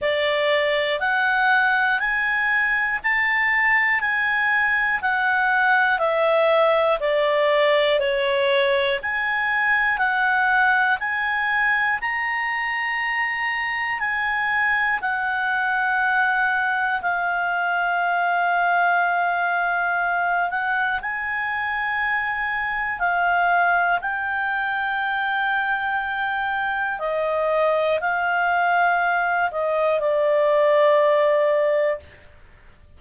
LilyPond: \new Staff \with { instrumentName = "clarinet" } { \time 4/4 \tempo 4 = 60 d''4 fis''4 gis''4 a''4 | gis''4 fis''4 e''4 d''4 | cis''4 gis''4 fis''4 gis''4 | ais''2 gis''4 fis''4~ |
fis''4 f''2.~ | f''8 fis''8 gis''2 f''4 | g''2. dis''4 | f''4. dis''8 d''2 | }